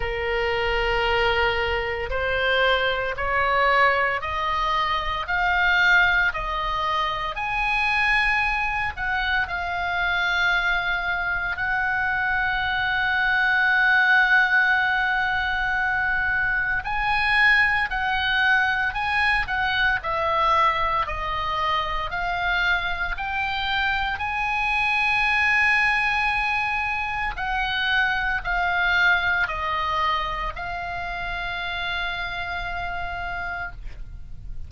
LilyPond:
\new Staff \with { instrumentName = "oboe" } { \time 4/4 \tempo 4 = 57 ais'2 c''4 cis''4 | dis''4 f''4 dis''4 gis''4~ | gis''8 fis''8 f''2 fis''4~ | fis''1 |
gis''4 fis''4 gis''8 fis''8 e''4 | dis''4 f''4 g''4 gis''4~ | gis''2 fis''4 f''4 | dis''4 f''2. | }